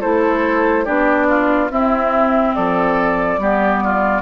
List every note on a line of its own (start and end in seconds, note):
0.00 0.87 A3
0.00 0.85 E4
0.00 0.84 A4
0.00 0.85 C5
0.84 1.70 B3
0.84 1.70 D4
0.84 1.26 G4
0.84 1.69 D5
1.29 1.71 F4
1.70 2.54 C4
1.70 3.39 C4
1.70 2.55 E4
1.70 2.54 E5
2.54 3.37 F3
2.54 3.39 A4
2.54 4.21 D5
3.37 4.21 G3
3.37 4.21 B3
3.37 3.83 G4
3.84 4.21 F4